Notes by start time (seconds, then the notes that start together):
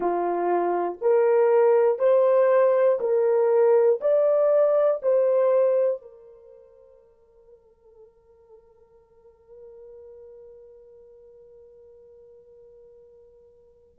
0.00 F4
1.00 A#4
1.98 C5
3.00 A#4
4.00 D5
5.02 C5
6.01 A#4